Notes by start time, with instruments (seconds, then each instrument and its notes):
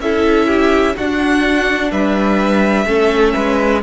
0.00 cello C#4, viola E4, violin A4 E5
0.48 violin G4
0.97 viola D4, cello D4, violin F#4 F#5
1.91 cello G3, violin B4 E5
2.86 cello A3, viola C#4, violin A4
3.34 cello G#3, violin B4